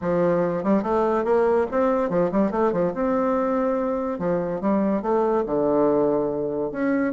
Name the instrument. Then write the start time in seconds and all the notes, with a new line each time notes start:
bassoon
0.01 F3
0.63 G3
0.82 A3
1.24 A#3
1.71 C4
2.09 F3
2.31 G3
2.51 A3
2.72 F3
2.94 C4
4.18 F3
4.60 G3
5.02 A3
5.46 D3
6.71 C#4